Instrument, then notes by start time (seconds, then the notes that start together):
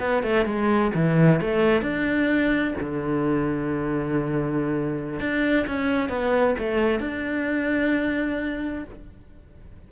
cello
0.00 B3
0.23 A3
0.45 G#3
0.95 E3
1.41 A3
1.82 D4
2.80 D3
5.20 D4
5.67 C#4
6.09 B3
6.59 A3
7.00 D4